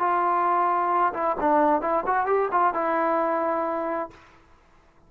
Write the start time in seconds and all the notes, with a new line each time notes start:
0.00 F4
1.14 E4
1.40 D4
1.82 E4
2.06 F#4
2.26 G4
2.52 F4
2.74 E4